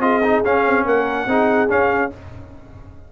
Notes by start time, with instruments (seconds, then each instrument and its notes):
0.00 tuba C4, trombone F4, horn G#4, trumpet D#5
0.24 trombone D#4
0.45 trombone C#4, tuba C#4, trumpet F5
0.67 tuba C4
0.86 tuba A#3, horn A#4, trumpet F#5
1.27 tuba C4, trombone D#4, horn G#4
1.69 trombone C#4, tuba C#4, trumpet F5